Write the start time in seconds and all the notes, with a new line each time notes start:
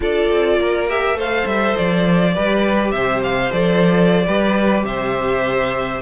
0.00 D4 F4 A4 D5
0.31 C4
0.58 A#3 A#4
0.88 G4 E5
1.14 A3 A4 C5 F5
1.45 G3 E5
1.76 F3 D5
2.34 G3 G4 B4
2.91 C3 C5 E5
3.23 F5
3.51 F3 A4 D5
4.26 G3 G4 B4
4.84 C3 C5 E5